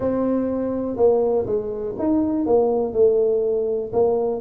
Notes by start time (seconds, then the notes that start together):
0.00 C4
0.96 A#3
1.45 G#3
1.98 D#4
2.46 A#3
2.93 A3
3.92 A#3